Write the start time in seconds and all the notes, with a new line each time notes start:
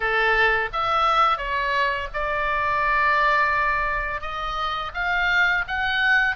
0.00 A4
0.72 E5
1.37 C#5
2.13 D5
4.21 D#5
4.93 F5
5.67 F#5